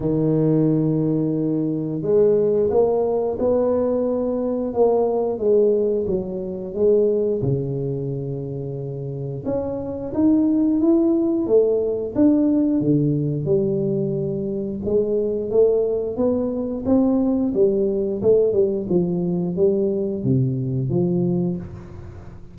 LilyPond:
\new Staff \with { instrumentName = "tuba" } { \time 4/4 \tempo 4 = 89 dis2. gis4 | ais4 b2 ais4 | gis4 fis4 gis4 cis4~ | cis2 cis'4 dis'4 |
e'4 a4 d'4 d4 | g2 gis4 a4 | b4 c'4 g4 a8 g8 | f4 g4 c4 f4 | }